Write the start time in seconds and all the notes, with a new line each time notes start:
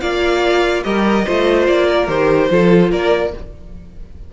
0.00 A#3 F4 D5 F5
0.83 G3 G4 A#4 D#5
1.25 A3 F4 C5
1.67 A#3 D5
1.88 A#4
2.07 D#3 G4 C5
2.49 F3 F4 A4
2.91 A#3 A#4 D5